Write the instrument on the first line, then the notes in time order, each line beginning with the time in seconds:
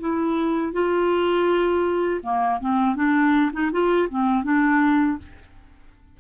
clarinet
0.00 E4
0.73 F4
2.23 A#3
2.61 C4
2.96 D4
3.53 D#4
3.72 F4
4.10 C4
4.44 D4